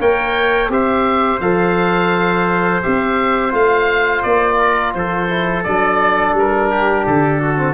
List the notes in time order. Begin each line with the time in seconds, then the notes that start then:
0.00 A#3 A#4 C#5 G5
0.69 C4 G4 C5 E5
1.40 F3 A4 F5
2.83 C4 G4 E5
3.51 A3 F4 F5
4.23 A#3 D5
4.58 A#4
4.94 F3 A4 C5
5.29 E4
5.64 F#3 D4 D5
6.33 G3 A#4
6.71 G4
7.06 D3 A4
7.41 F#4
7.57 C4